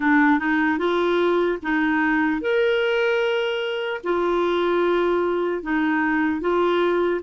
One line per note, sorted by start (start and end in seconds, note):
0.00 0.39 D4
0.39 0.78 D#4
0.78 1.58 F4
1.62 2.41 D#4
2.41 4.01 A#4
4.03 5.62 F4
5.62 6.40 D#4
6.40 7.20 F4